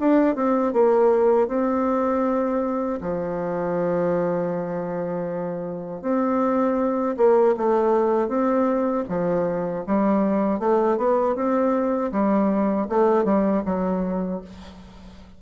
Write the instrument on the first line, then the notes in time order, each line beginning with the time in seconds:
bassoon
0.00 D4
0.36 C4
0.73 A#3
1.48 C4
3.01 F3
6.02 C4
7.17 A#3
7.57 A3
8.29 C4
9.09 F3
9.87 G3
10.59 A3
10.97 B3
11.36 C4
12.12 G3
12.89 A3
13.25 G3
13.66 F#3